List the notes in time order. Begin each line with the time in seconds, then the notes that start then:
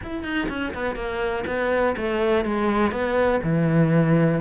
0.03 E4
0.23 D#4
0.49 C#4
0.74 B3
0.95 A#3
1.47 B3
1.96 A3
2.44 G#3
2.91 B3
3.43 E3